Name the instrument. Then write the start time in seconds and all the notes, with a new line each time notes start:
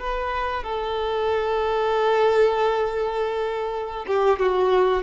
violin
0.00 B4
0.64 A4
4.07 G4
4.40 F#4